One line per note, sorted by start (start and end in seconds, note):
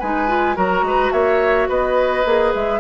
0.00 0.57 G#3
0.00 0.28 D#4
0.00 0.56 B4
0.00 0.56 G#5
0.28 0.56 F4
0.56 0.82 F#3
0.56 2.24 F#4
0.56 0.84 A#4
0.56 1.12 A#5
0.82 1.10 G#3
0.82 1.13 B4
1.12 1.69 A#3
1.12 1.69 C#5
1.12 1.68 E5
1.69 2.25 B3
1.69 2.80 B4
1.69 2.54 D#5
2.25 2.54 A#3
2.25 2.80 G#4
2.55 2.80 G#3
2.55 2.80 E5